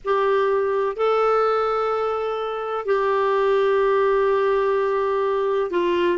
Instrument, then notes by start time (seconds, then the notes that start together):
clarinet
0.04 G4
0.96 A4
2.85 G4
5.71 F4